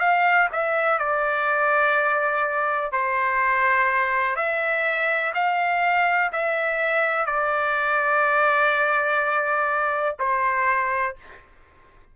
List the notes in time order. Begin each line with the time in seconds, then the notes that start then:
0.00 F5
0.53 E5
0.99 D5
2.93 C5
4.36 E5
5.35 F5
6.33 E5
7.26 D5
10.20 C5